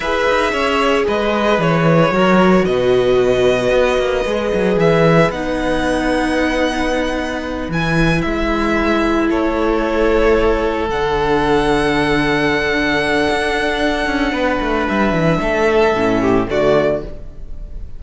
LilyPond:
<<
  \new Staff \with { instrumentName = "violin" } { \time 4/4 \tempo 4 = 113 e''2 dis''4 cis''4~ | cis''4 dis''2.~ | dis''4 e''4 fis''2~ | fis''2~ fis''8 gis''4 e''8~ |
e''4. cis''2~ cis''8~ | cis''8 fis''2.~ fis''8~ | fis''1 | e''2. d''4 | }
  \new Staff \with { instrumentName = "violin" } { \time 4/4 b'4 cis''4 b'2 | ais'4 b'2.~ | b'1~ | b'1~ |
b'4. a'2~ a'8~ | a'1~ | a'2. b'4~ | b'4 a'4. g'8 fis'4 | }
  \new Staff \with { instrumentName = "viola" } { \time 4/4 gis'1 | fis'1 | gis'2 dis'2~ | dis'2~ dis'8 e'4.~ |
e'1~ | e'8 d'2.~ d'8~ | d'1~ | d'2 cis'4 a4 | }
  \new Staff \with { instrumentName = "cello" } { \time 4/4 e'8 dis'8 cis'4 gis4 e4 | fis4 b,2 b8 ais8 | gis8 fis8 e4 b2~ | b2~ b8 e4 gis8~ |
gis4. a2~ a8~ | a8 d2.~ d8~ | d4 d'4. cis'8 b8 a8 | g8 e8 a4 a,4 d4 | }
>>